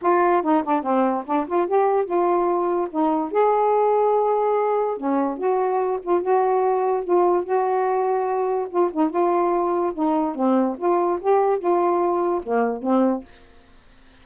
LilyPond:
\new Staff \with { instrumentName = "saxophone" } { \time 4/4 \tempo 4 = 145 f'4 dis'8 d'8 c'4 d'8 f'8 | g'4 f'2 dis'4 | gis'1 | cis'4 fis'4. f'8 fis'4~ |
fis'4 f'4 fis'2~ | fis'4 f'8 dis'8 f'2 | dis'4 c'4 f'4 g'4 | f'2 ais4 c'4 | }